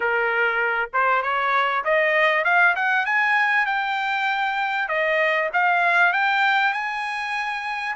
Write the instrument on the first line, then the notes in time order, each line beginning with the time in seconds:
trumpet
0.00 A#4
0.93 C5
1.22 C#5
1.84 D#5
2.44 F5
2.76 F#5
3.05 G#5
3.66 G5
4.88 D#5
5.53 F5
6.12 G5
6.73 G#5